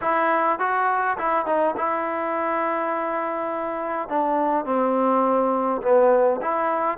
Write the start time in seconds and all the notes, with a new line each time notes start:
0.01 E4
0.59 F#4
1.18 E4
1.46 D#4
1.77 E4
4.08 D4
4.65 C4
5.81 B3
6.41 E4